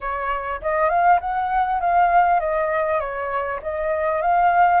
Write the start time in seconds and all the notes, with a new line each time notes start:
0.01 C#5
0.61 D#5
0.89 F5
1.20 F#5
1.80 F5
2.39 D#5
3.00 C#5
3.62 D#5
4.21 F5